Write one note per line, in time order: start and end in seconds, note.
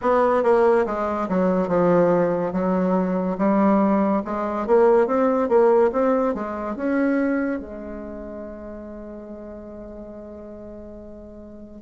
0.01 0.43 B3
0.43 0.85 A#3
0.86 1.28 G#3
1.28 1.67 F#3
1.67 2.52 F3
2.52 3.36 F#3
3.38 4.22 G3
4.24 4.66 G#3
4.66 5.06 A#3
5.06 5.48 C4
5.48 5.90 A#3
5.92 6.34 C4
6.34 6.76 G#3
6.76 7.59 C#4
7.59 11.81 G#3